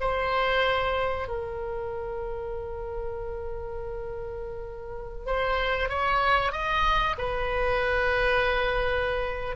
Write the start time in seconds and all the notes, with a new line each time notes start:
0.00 C5
1.27 A#4
5.25 C5
5.89 C#5
6.51 D#5
7.18 B4